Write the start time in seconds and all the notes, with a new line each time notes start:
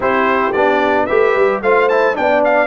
0.00 C4 E4 G4 C5
0.52 B3 D4 D5
1.05 A3 G4 B4 E5
1.35 G3
1.61 A3 F4 C5 F5
1.89 E4 A5
2.13 B3 D4 G5
2.19 D5
2.44 F5